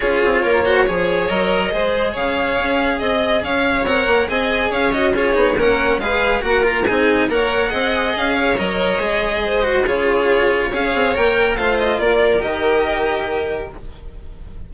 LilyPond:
<<
  \new Staff \with { instrumentName = "violin" } { \time 4/4 \tempo 4 = 140 cis''2. dis''4~ | dis''4 f''2 dis''4 | f''4 fis''4 gis''4 f''8 dis''8 | cis''4 fis''4 f''4 fis''8 ais''8 |
gis''4 fis''2 f''4 | dis''2. cis''4~ | cis''4 f''4 g''4 f''8 dis''8 | d''4 dis''2. | }
  \new Staff \with { instrumentName = "violin" } { \time 4/4 gis'4 ais'8 c''8 cis''2 | c''4 cis''2 dis''4 | cis''2 dis''4 cis''4 | gis'4 ais'4 b'4 ais'4 |
gis'4 cis''4 dis''4. cis''8~ | cis''2 c''4 gis'4~ | gis'4 cis''2 c''4 | ais'1 | }
  \new Staff \with { instrumentName = "cello" } { \time 4/4 f'4. fis'8 gis'4 ais'4 | gis'1~ | gis'4 ais'4 gis'4. fis'8 | f'8 dis'8 cis'4 gis'4 fis'8 f'8 |
dis'4 ais'4 gis'2 | ais'4 gis'4. fis'8 f'4~ | f'4 gis'4 ais'4 f'4~ | f'4 g'2. | }
  \new Staff \with { instrumentName = "bassoon" } { \time 4/4 cis'8 c'8 ais4 f4 fis4 | gis4 cis4 cis'4 c'4 | cis'4 c'8 ais8 c'4 cis'4~ | cis'8 b8 ais4 gis4 ais4 |
c'4 ais4 c'4 cis'4 | fis4 gis2 cis4~ | cis4 cis'8 c'8 ais4 a4 | ais4 dis2. | }
>>